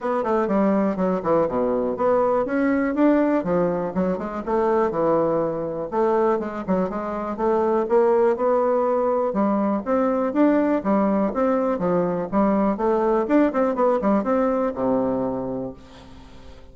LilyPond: \new Staff \with { instrumentName = "bassoon" } { \time 4/4 \tempo 4 = 122 b8 a8 g4 fis8 e8 b,4 | b4 cis'4 d'4 f4 | fis8 gis8 a4 e2 | a4 gis8 fis8 gis4 a4 |
ais4 b2 g4 | c'4 d'4 g4 c'4 | f4 g4 a4 d'8 c'8 | b8 g8 c'4 c2 | }